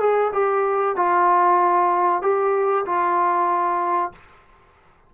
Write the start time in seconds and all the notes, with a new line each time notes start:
0.00 G#4
0.33 G4
0.96 F4
2.22 G4
2.86 F4